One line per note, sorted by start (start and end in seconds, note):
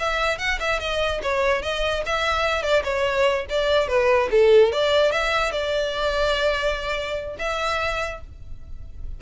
0.00 0.39 E5
0.39 0.59 F#5
0.60 0.80 E5
0.80 1.21 D#5
1.23 1.63 C#5
1.63 2.04 D#5
2.06 2.63 E5
2.63 2.84 D5
2.84 3.46 C#5
3.50 3.88 D5
3.88 4.29 B4
4.32 4.73 A4
4.73 5.12 D5
5.12 5.52 E5
5.52 7.37 D5
7.39 8.21 E5